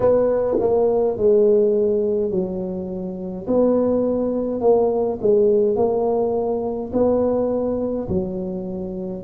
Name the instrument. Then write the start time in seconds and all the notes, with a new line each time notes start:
tuba
0.00 B3
0.59 A#3
1.17 G#3
2.31 F#3
3.47 B3
4.60 A#3
5.21 G#3
5.76 A#3
6.92 B3
8.08 F#3